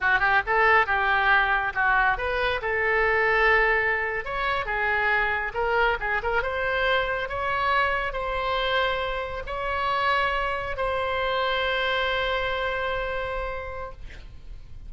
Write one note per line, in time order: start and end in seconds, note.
0.01 0.19 F#4
0.19 0.41 G4
0.46 0.86 A4
0.86 1.73 G4
1.74 2.17 F#4
2.17 2.61 B4
2.61 4.24 A4
4.25 4.65 C#5
4.65 5.52 G#4
5.54 5.97 A#4
6.00 6.21 G#4
6.23 6.42 A#4
6.42 7.28 C5
7.28 8.12 C#5
8.12 9.43 C5
9.46 10.76 C#5
10.76 13.92 C5